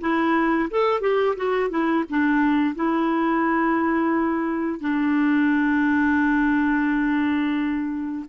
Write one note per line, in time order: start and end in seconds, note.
0.00 0.69 E4
0.70 1.01 A4
1.01 1.35 G4
1.36 1.70 F#4
1.70 2.04 E4
2.09 2.75 D4
2.75 4.81 E4
4.81 8.25 D4